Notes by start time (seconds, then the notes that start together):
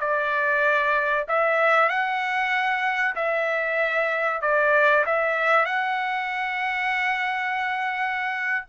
0.00 D5
1.29 E5
1.89 F#5
3.16 E5
4.42 D5
5.06 E5
5.66 F#5